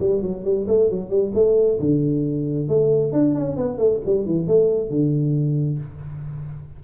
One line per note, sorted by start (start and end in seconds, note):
0.00 0.22 G3
0.22 0.44 F#3
0.44 0.67 G3
0.67 0.90 A3
0.90 1.09 F#3
1.09 1.32 G3
1.34 1.79 A3
1.80 2.68 D3
2.68 3.12 A3
3.12 3.35 D4
3.35 3.56 C#4
3.56 3.78 B3
3.78 4.00 A3
4.06 4.25 G3
4.25 4.47 E3
4.47 4.90 A3
4.90 5.80 D3